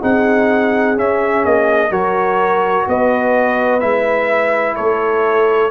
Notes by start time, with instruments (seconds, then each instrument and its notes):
0.00 tuba C4, trombone D#4, horn G#4, trumpet F#5
0.96 trombone C#4, tuba C#4, trumpet E5
1.45 tuba A#3, trumpet D#5
1.90 tuba F#3, trombone F#4, horn A#4, trumpet C#5
2.87 tuba B3, horn B4, trumpet D#5
3.80 tuba G#3, trombone E4, trumpet E5
4.76 tuba A3, horn A4, trumpet C#5